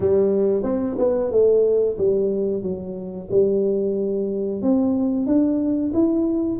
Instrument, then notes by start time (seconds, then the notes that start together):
tuba
0.00 G3
0.63 C4
0.98 B3
1.31 A3
1.98 G3
2.62 F#3
3.30 G3
4.62 C4
5.26 D4
5.93 E4